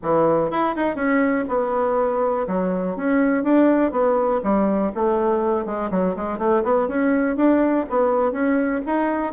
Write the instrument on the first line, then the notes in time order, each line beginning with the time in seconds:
bassoon
0.02 E3
0.50 E4
0.76 D#4
0.95 C#4
1.48 B3
2.47 F#3
2.96 C#4
3.43 D4
3.91 B3
4.43 G3
4.94 A3
5.65 G#3
5.90 F#3
6.15 G#3
6.38 A3
6.63 B3
6.87 C#4
7.36 D4
7.89 B3
8.31 C#4
8.85 D#4